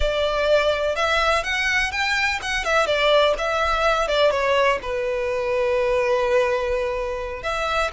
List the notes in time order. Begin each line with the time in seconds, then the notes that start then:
0.00 D5
0.95 E5
1.43 F#5
1.91 G5
2.42 F#5
2.64 E5
2.86 D5
3.38 E5
4.07 D5
4.30 C#5
4.82 B4
7.42 E5